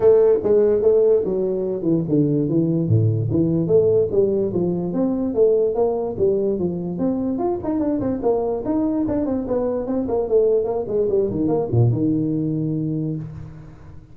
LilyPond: \new Staff \with { instrumentName = "tuba" } { \time 4/4 \tempo 4 = 146 a4 gis4 a4 fis4~ | fis8 e8 d4 e4 a,4 | e4 a4 g4 f4 | c'4 a4 ais4 g4 |
f4 c'4 f'8 dis'8 d'8 c'8 | ais4 dis'4 d'8 c'8 b4 | c'8 ais8 a4 ais8 gis8 g8 dis8 | ais8 ais,8 dis2. | }